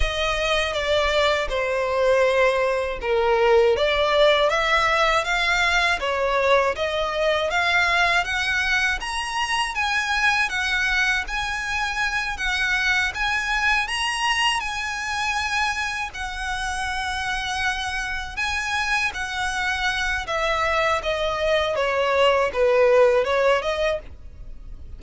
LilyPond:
\new Staff \with { instrumentName = "violin" } { \time 4/4 \tempo 4 = 80 dis''4 d''4 c''2 | ais'4 d''4 e''4 f''4 | cis''4 dis''4 f''4 fis''4 | ais''4 gis''4 fis''4 gis''4~ |
gis''8 fis''4 gis''4 ais''4 gis''8~ | gis''4. fis''2~ fis''8~ | fis''8 gis''4 fis''4. e''4 | dis''4 cis''4 b'4 cis''8 dis''8 | }